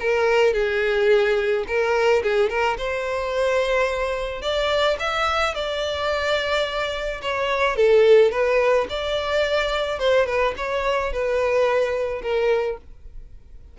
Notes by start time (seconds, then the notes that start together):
0.00 A#4
0.54 G#4
1.68 A#4
2.23 G#4
2.50 A#4
2.78 C5
4.42 D5
5.00 E5
5.55 D5
7.22 C#5
7.77 A4
8.32 B4
8.90 D5
9.99 C5
10.27 B4
10.57 C#5
11.13 B4
12.22 A#4